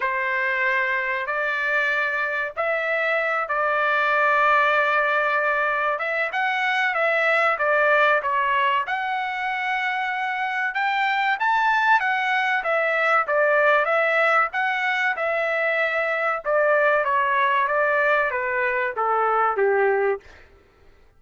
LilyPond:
\new Staff \with { instrumentName = "trumpet" } { \time 4/4 \tempo 4 = 95 c''2 d''2 | e''4. d''2~ d''8~ | d''4. e''8 fis''4 e''4 | d''4 cis''4 fis''2~ |
fis''4 g''4 a''4 fis''4 | e''4 d''4 e''4 fis''4 | e''2 d''4 cis''4 | d''4 b'4 a'4 g'4 | }